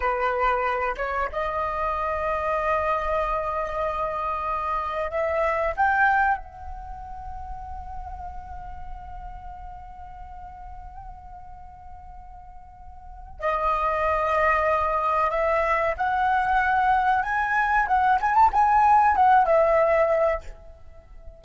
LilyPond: \new Staff \with { instrumentName = "flute" } { \time 4/4 \tempo 4 = 94 b'4. cis''8 dis''2~ | dis''1 | e''4 g''4 fis''2~ | fis''1~ |
fis''1~ | fis''4 dis''2. | e''4 fis''2 gis''4 | fis''8 gis''16 a''16 gis''4 fis''8 e''4. | }